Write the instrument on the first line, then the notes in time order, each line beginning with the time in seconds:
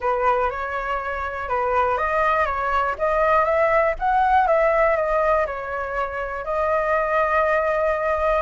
flute
0.00 B4
0.50 C#5
1.48 B4
1.97 D#5
2.45 C#5
2.98 D#5
3.44 E5
3.99 F#5
4.47 E5
4.96 D#5
5.46 C#5
6.44 D#5